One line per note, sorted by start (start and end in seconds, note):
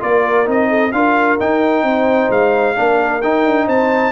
0.00 0.47 A#3
0.00 0.46 F4
0.00 0.69 A#4
0.00 0.48 D5
0.46 0.93 C4
0.46 0.91 D#4
0.46 0.92 D#5
0.69 0.92 A4
0.92 1.38 D4
0.92 1.40 F4
0.92 1.85 A#4
0.92 1.38 F5
1.40 2.75 D#4
1.40 1.83 D#4
1.40 2.31 G5
1.83 2.28 C4
1.83 2.76 C5
2.30 2.75 G#3
2.30 3.22 F5
2.75 3.23 A#3
2.75 3.21 D4
2.75 3.66 A#4
3.22 3.46 D#4
3.22 4.12 D#4
3.22 3.67 G5
3.46 3.67 D4
3.66 4.12 C4
3.66 4.12 C5
3.66 4.12 A5